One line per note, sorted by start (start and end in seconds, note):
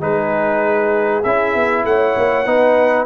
0.00 1.24 G#3
0.00 1.23 D#4
0.00 1.84 G#4
0.00 1.23 B4
1.23 1.55 C#4
1.23 2.46 E4
1.23 1.85 E5
1.55 1.84 B3
1.84 2.15 A3
1.84 2.47 C#5
1.84 3.05 F#5
2.17 2.46 A#3
2.46 3.05 B3
2.46 3.05 D#4
2.46 3.05 B4